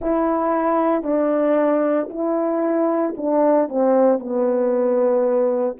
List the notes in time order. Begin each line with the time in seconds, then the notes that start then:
0.00 E4
1.02 D4
2.09 E4
3.16 D4
3.68 C4
4.19 B3